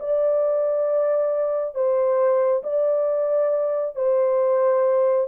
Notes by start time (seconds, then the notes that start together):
0.00 D5
1.75 C5
2.64 D5
3.96 C5